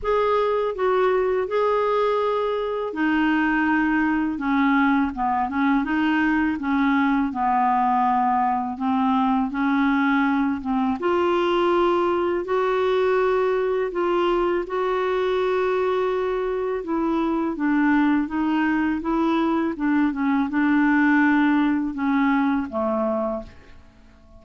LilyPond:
\new Staff \with { instrumentName = "clarinet" } { \time 4/4 \tempo 4 = 82 gis'4 fis'4 gis'2 | dis'2 cis'4 b8 cis'8 | dis'4 cis'4 b2 | c'4 cis'4. c'8 f'4~ |
f'4 fis'2 f'4 | fis'2. e'4 | d'4 dis'4 e'4 d'8 cis'8 | d'2 cis'4 a4 | }